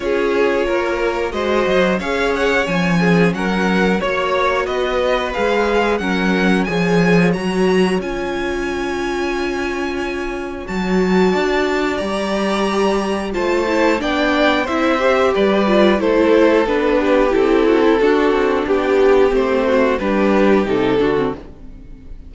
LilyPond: <<
  \new Staff \with { instrumentName = "violin" } { \time 4/4 \tempo 4 = 90 cis''2 dis''4 f''8 fis''8 | gis''4 fis''4 cis''4 dis''4 | f''4 fis''4 gis''4 ais''4 | gis''1 |
a''2 ais''2 | a''4 g''4 e''4 d''4 | c''4 b'4 a'2 | g'4 c''4 b'4 a'4 | }
  \new Staff \with { instrumentName = "violin" } { \time 4/4 gis'4 ais'4 c''4 cis''4~ | cis''8 gis'8 ais'4 cis''4 b'4~ | b'4 ais'4 cis''2~ | cis''1~ |
cis''4 d''2. | c''4 d''4 c''4 b'4 | a'4. g'4 fis'16 e'16 fis'4 | g'4. fis'8 g'4. fis'8 | }
  \new Staff \with { instrumentName = "viola" } { \time 4/4 f'2 fis'4 gis'4 | cis'2 fis'2 | gis'4 cis'4 gis'4 fis'4 | f'1 |
fis'2 g'2 | f'8 e'8 d'4 e'8 g'4 f'8 | e'4 d'4 e'4 d'4~ | d'4 c'4 d'4 dis'8 d'16 c'16 | }
  \new Staff \with { instrumentName = "cello" } { \time 4/4 cis'4 ais4 gis8 fis8 cis'4 | f4 fis4 ais4 b4 | gis4 fis4 f4 fis4 | cis'1 |
fis4 d'4 g2 | a4 b4 c'4 g4 | a4 b4 c'4 d'8 c'8 | b4 a4 g4 c8 d8 | }
>>